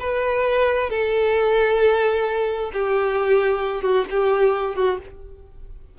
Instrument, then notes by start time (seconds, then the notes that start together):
violin
0.00 B4
0.90 A4
2.73 G4
3.82 F#4
4.10 G4
4.76 F#4